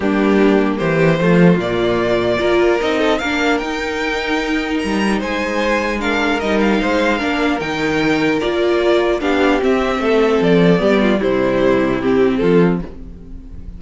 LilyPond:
<<
  \new Staff \with { instrumentName = "violin" } { \time 4/4 \tempo 4 = 150 g'2 c''2 | d''2. dis''4 | f''4 g''2. | ais''4 gis''2 f''4 |
dis''8 f''2~ f''8 g''4~ | g''4 d''2 f''4 | e''2 d''2 | c''2 g'4 a'4 | }
  \new Staff \with { instrumentName = "violin" } { \time 4/4 d'2 g'4 f'4~ | f'2 ais'4. a'8 | ais'1~ | ais'4 c''2 ais'4~ |
ais'4 c''4 ais'2~ | ais'2. g'4~ | g'4 a'2 g'8 f'8 | e'2. f'4 | }
  \new Staff \with { instrumentName = "viola" } { \time 4/4 ais2. a4 | ais2 f'4 dis'4 | d'4 dis'2.~ | dis'2. d'4 |
dis'2 d'4 dis'4~ | dis'4 f'2 d'4 | c'2. b4 | g2 c'2 | }
  \new Staff \with { instrumentName = "cello" } { \time 4/4 g2 e4 f4 | ais,2 ais4 c'4 | ais4 dis'2. | g4 gis2. |
g4 gis4 ais4 dis4~ | dis4 ais2 b4 | c'4 a4 f4 g4 | c2. f4 | }
>>